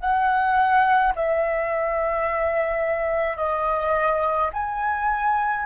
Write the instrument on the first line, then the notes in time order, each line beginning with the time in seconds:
flute
0.00 F#5
1.16 E5
3.37 D#5
4.53 G#5